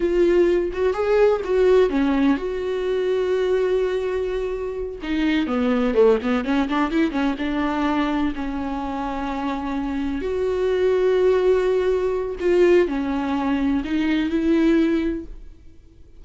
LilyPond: \new Staff \with { instrumentName = "viola" } { \time 4/4 \tempo 4 = 126 f'4. fis'8 gis'4 fis'4 | cis'4 fis'2.~ | fis'2~ fis'8 dis'4 b8~ | b8 a8 b8 cis'8 d'8 e'8 cis'8 d'8~ |
d'4. cis'2~ cis'8~ | cis'4. fis'2~ fis'8~ | fis'2 f'4 cis'4~ | cis'4 dis'4 e'2 | }